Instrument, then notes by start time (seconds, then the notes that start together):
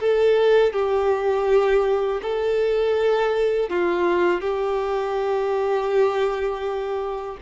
violin
0.00 A4
0.73 G4
2.22 A4
3.70 F4
4.41 G4